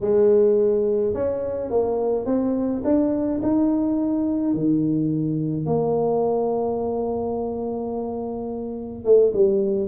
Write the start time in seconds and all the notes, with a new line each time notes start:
0.00 G#3
1.14 C#4
1.70 A#3
2.25 C4
2.84 D4
3.42 D#4
4.53 D#3
5.66 A#3
9.04 A3
9.33 G3